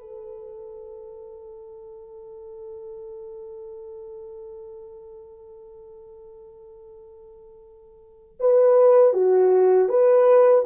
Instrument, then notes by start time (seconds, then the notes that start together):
horn
0.00 A4
8.40 B4
9.13 F#4
9.89 B4